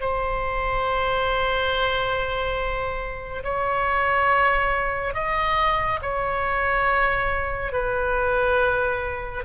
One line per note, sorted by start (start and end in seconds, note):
0.00 3.43 C5
3.43 5.14 C#5
5.14 6.00 D#5
6.02 7.72 C#5
7.72 9.44 B4